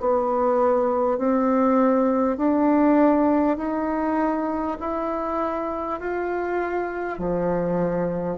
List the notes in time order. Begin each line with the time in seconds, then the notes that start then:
0.00 B3
1.18 C4
2.37 D4
3.57 D#4
4.80 E4
6.00 F4
7.19 F3